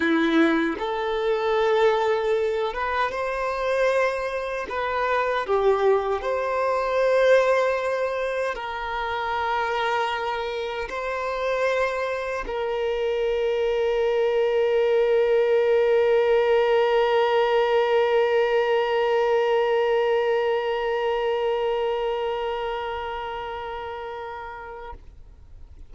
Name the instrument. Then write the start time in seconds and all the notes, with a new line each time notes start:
violin
0.00 E4
0.78 A4
2.73 B4
3.11 C5
4.69 B4
5.46 G4
6.21 C5
8.54 A#4
10.89 C5
12.47 A#4